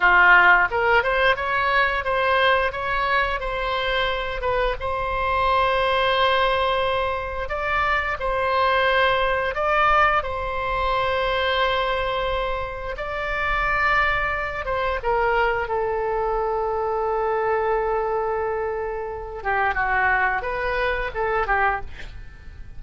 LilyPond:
\new Staff \with { instrumentName = "oboe" } { \time 4/4 \tempo 4 = 88 f'4 ais'8 c''8 cis''4 c''4 | cis''4 c''4. b'8 c''4~ | c''2. d''4 | c''2 d''4 c''4~ |
c''2. d''4~ | d''4. c''8 ais'4 a'4~ | a'1~ | a'8 g'8 fis'4 b'4 a'8 g'8 | }